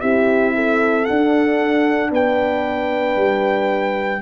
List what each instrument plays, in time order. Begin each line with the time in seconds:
0.00 tuba C4, horn E4 G4, trumpet E5
0.55 horn A4
1.05 horn D4, tuba D4, trumpet F#5
2.11 tuba B3, horn B4, trumpet G5
3.16 tuba G3